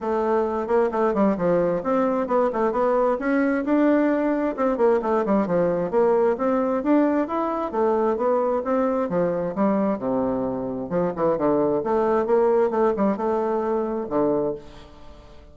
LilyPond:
\new Staff \with { instrumentName = "bassoon" } { \time 4/4 \tempo 4 = 132 a4. ais8 a8 g8 f4 | c'4 b8 a8 b4 cis'4 | d'2 c'8 ais8 a8 g8 | f4 ais4 c'4 d'4 |
e'4 a4 b4 c'4 | f4 g4 c2 | f8 e8 d4 a4 ais4 | a8 g8 a2 d4 | }